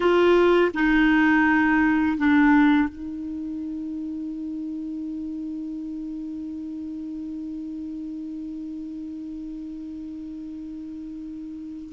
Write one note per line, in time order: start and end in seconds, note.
0.00 0.71 F4
0.74 2.17 D#4
2.17 2.88 D4
2.88 11.92 D#4